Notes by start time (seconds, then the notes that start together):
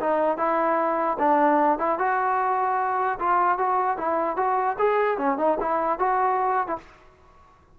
0.00 D#4
0.37 E4
1.19 D4
1.79 E4
1.99 F#4
3.19 F4
3.58 F#4
3.97 E4
4.37 F#4
4.79 G#4
5.18 C#4
5.37 D#4
5.60 E4
5.99 F#4
6.67 E4